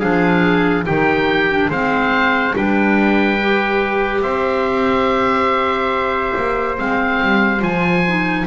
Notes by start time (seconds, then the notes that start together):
0.00 F3 D4 G#4 F5
0.86 D#3 D#4 G4 G5
1.51 D4
1.70 G#3 C4 C5 F5
2.54 G3 D4 B4 G5
3.41 G4
4.22 C4 C5 E5
6.37 A#3
6.79 G#3 C4 F5
7.23 G3
7.60 F3 F4 G#5
8.08 D#4